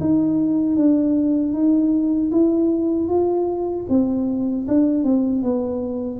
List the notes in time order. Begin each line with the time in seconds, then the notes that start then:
0.00 D#4
0.76 D4
1.53 D#4
2.31 E4
3.08 F4
3.89 C4
4.68 D4
5.04 C4
5.42 B3